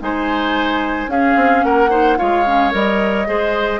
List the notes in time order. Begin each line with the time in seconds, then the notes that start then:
0.00 G#3 D#4 C5 G#5
1.07 C#4 G#4 F5
1.36 C4
1.64 A#3 A#4 F#5
1.90 D#4 C5
2.17 G#3 F4 C#5 F5
2.46 C#4
2.71 G3 A#4 D#5
3.26 G#3 G#4 C5